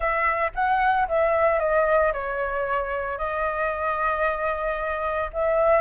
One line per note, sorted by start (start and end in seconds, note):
0.00 0.51 E5
0.54 1.07 F#5
1.08 1.59 E5
1.59 2.12 D#5
2.12 3.18 C#5
3.18 5.30 D#5
5.33 5.81 E5